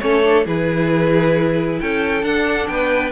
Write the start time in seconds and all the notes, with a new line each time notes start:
0.00 A3 C#4 A4 C#5
0.23 D4
0.45 E3 E4 G#4 B4
1.80 C#4 A4 G5
2.22 D4 F#5
2.67 B3 B4 G5